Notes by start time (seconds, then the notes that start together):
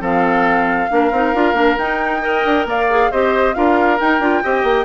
0.00 F3 C4 A4 F5
0.89 A#3 D4 A#4
1.11 C4 D#4
1.34 D4 F4
1.53 A#3 D4
1.78 D#4 G5
2.21 A#4 D#5
2.44 D4
2.65 A#3 D5 F5
2.89 G#4
3.11 C4 G4 C5 D#5
3.54 D4 F4 A#4 F5
3.98 D#4 G5
4.19 D4 F4
4.43 C4 G4 D#5
4.63 A#3